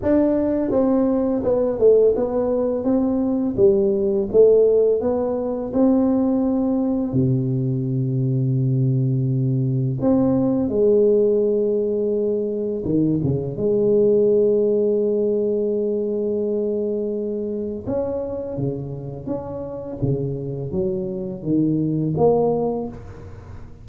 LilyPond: \new Staff \with { instrumentName = "tuba" } { \time 4/4 \tempo 4 = 84 d'4 c'4 b8 a8 b4 | c'4 g4 a4 b4 | c'2 c2~ | c2 c'4 gis4~ |
gis2 dis8 cis8 gis4~ | gis1~ | gis4 cis'4 cis4 cis'4 | cis4 fis4 dis4 ais4 | }